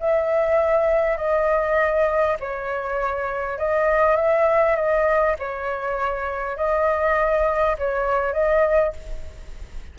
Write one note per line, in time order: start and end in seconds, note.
0.00 1.17 E5
1.17 2.37 D#5
2.40 3.58 C#5
3.58 4.16 D#5
4.16 4.76 E5
4.76 5.36 D#5
5.39 6.57 C#5
6.57 7.77 D#5
7.79 8.33 C#5
8.33 8.93 D#5